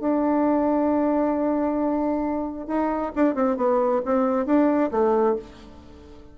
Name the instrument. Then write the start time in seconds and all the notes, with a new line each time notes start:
bassoon
0.00 D4
2.67 D#4
3.16 D4
3.35 C4
3.57 B3
4.05 C4
4.46 D4
4.91 A3